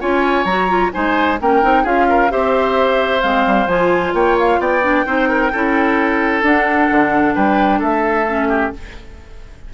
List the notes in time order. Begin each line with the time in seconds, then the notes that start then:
0.00 C#4 F4 C#5 G#5
0.45 F#3 F#4 A#5
0.69 F4
0.93 G#3 D#4 C5 G#5
1.40 A#3 C#4 A#4 G5
1.62 C4 D#4
1.83 C#4 F4 G#4 F5
2.09 A#4
2.30 C4 G4 C5 E5
3.22 G#3 C4 F5
3.47 G3
3.67 F3 F4 G#5
4.14 A#3 C#5 G5
4.39 F5
4.59 B3 D5 G5
4.82 D4
5.06 C4 D#4 C5
5.29 A#4
5.52 C#4 E4 A4
6.43 D4 F#5
6.91 D3
7.35 G3 B4 G5
7.79 A3 A4 E5
8.28 C#4
8.49 G4